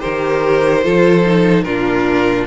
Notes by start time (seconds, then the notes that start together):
0.00 D#3 G4 A#4 C5
0.84 F3 F4 A4
1.25 D#4
1.64 A#2 D4 F4 A#4